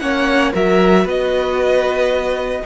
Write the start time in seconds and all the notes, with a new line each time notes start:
0.00 A#3 C#4 C#5 F#5
0.53 F#3 F#4 A#4 E5
1.05 B3 B4 D#5